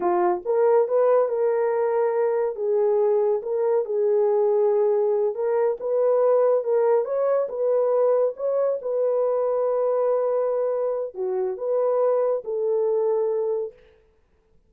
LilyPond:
\new Staff \with { instrumentName = "horn" } { \time 4/4 \tempo 4 = 140 f'4 ais'4 b'4 ais'4~ | ais'2 gis'2 | ais'4 gis'2.~ | gis'8 ais'4 b'2 ais'8~ |
ais'8 cis''4 b'2 cis''8~ | cis''8 b'2.~ b'8~ | b'2 fis'4 b'4~ | b'4 a'2. | }